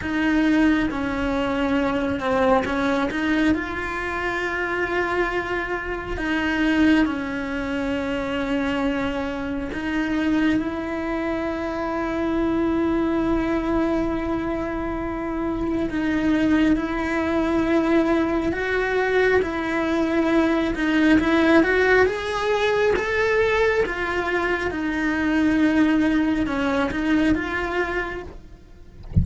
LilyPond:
\new Staff \with { instrumentName = "cello" } { \time 4/4 \tempo 4 = 68 dis'4 cis'4. c'8 cis'8 dis'8 | f'2. dis'4 | cis'2. dis'4 | e'1~ |
e'2 dis'4 e'4~ | e'4 fis'4 e'4. dis'8 | e'8 fis'8 gis'4 a'4 f'4 | dis'2 cis'8 dis'8 f'4 | }